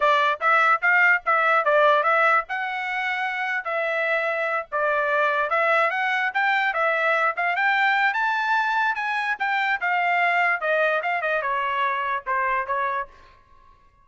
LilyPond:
\new Staff \with { instrumentName = "trumpet" } { \time 4/4 \tempo 4 = 147 d''4 e''4 f''4 e''4 | d''4 e''4 fis''2~ | fis''4 e''2~ e''8 d''8~ | d''4. e''4 fis''4 g''8~ |
g''8 e''4. f''8 g''4. | a''2 gis''4 g''4 | f''2 dis''4 f''8 dis''8 | cis''2 c''4 cis''4 | }